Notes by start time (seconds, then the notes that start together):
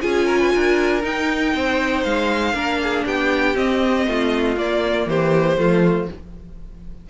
0.00 C#4 F4 G#4 G#5
0.26 A#4
0.39 B4
0.54 D4 A#4
1.02 D#4 G5
1.54 C4 C5
2.03 G#3 F5
2.53 A#3 D4 A#4
2.82 G#4
3.05 B3 G4 G5
3.54 C4 D#5
4.06 A3 F4
4.56 A#3 D5
5.06 E3 G4 C5
5.57 F3 A3 F4